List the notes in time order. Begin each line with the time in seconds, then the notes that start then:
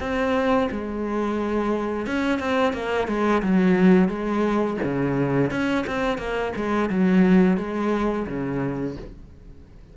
0.00 C4
0.71 G#3
2.06 C#4
2.39 C4
2.73 A#3
3.08 G#3
3.43 F#3
4.08 G#3
4.83 C#3
5.50 C#4
5.87 C4
6.18 A#3
6.56 G#3
6.89 F#3
7.57 G#3
8.27 C#3